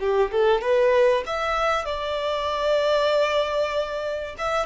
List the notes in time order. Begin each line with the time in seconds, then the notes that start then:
0.00 G4
0.32 A4
0.61 B4
1.26 E5
1.85 D5
4.38 E5